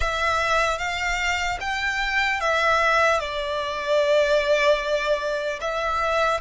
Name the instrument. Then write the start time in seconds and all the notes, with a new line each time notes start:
violin
0.00 E5
0.78 F5
1.60 G5
2.40 E5
3.19 D5
5.60 E5